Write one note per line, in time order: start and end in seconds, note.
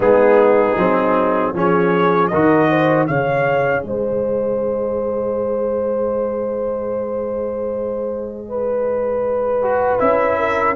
0.00 0.74 G#3
0.00 0.77 B3
0.00 1.53 D#4
0.00 1.54 G#4
0.76 1.53 F#3
0.76 1.54 C4
1.54 2.31 F3
1.54 2.31 C#4
1.54 2.30 G#4
1.54 2.27 C#5
2.27 3.08 F#4
2.27 2.68 A#4
2.27 3.04 D#5
2.33 3.09 D#3
2.69 3.08 C5
3.07 3.83 C#3
3.07 9.62 G#4
3.07 3.85 C#5
3.07 3.83 F5
3.83 9.99 G#3
3.83 8.48 C5
3.83 9.99 D#5
8.48 10.38 B4
9.62 9.99 F#4
9.99 10.76 C#4
9.99 10.76 E4
9.99 10.75 E5
10.38 10.76 A#4